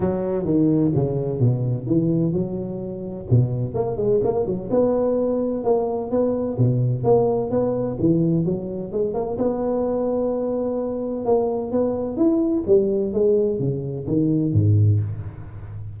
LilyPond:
\new Staff \with { instrumentName = "tuba" } { \time 4/4 \tempo 4 = 128 fis4 dis4 cis4 b,4 | e4 fis2 b,4 | ais8 gis8 ais8 fis8 b2 | ais4 b4 b,4 ais4 |
b4 e4 fis4 gis8 ais8 | b1 | ais4 b4 e'4 g4 | gis4 cis4 dis4 gis,4 | }